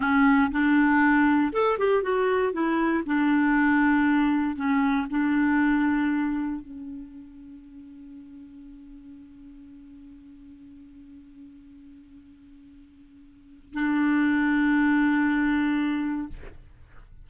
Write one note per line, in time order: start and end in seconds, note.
0.00 0.50 C#4
0.51 1.52 D4
1.52 1.78 A4
1.78 2.02 G4
2.02 2.52 F#4
2.52 3.03 E4
3.05 4.55 D4
4.55 5.06 C#4
5.10 6.61 D4
6.61 13.73 C#4
13.73 16.28 D4